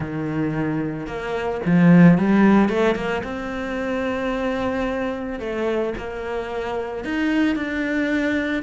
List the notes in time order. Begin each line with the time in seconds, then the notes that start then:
0.00 D#3
1.06 A#3
1.65 F3
2.18 G3
2.69 A3
2.95 A#3
3.23 C4
5.39 A3
5.97 A#3
7.04 D#4
7.55 D4